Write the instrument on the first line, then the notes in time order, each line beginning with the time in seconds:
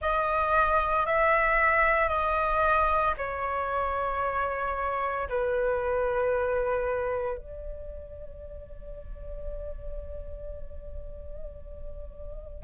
flute
0.01 D#5
1.05 E5
2.09 D#5
3.17 C#5
5.29 B4
7.37 D5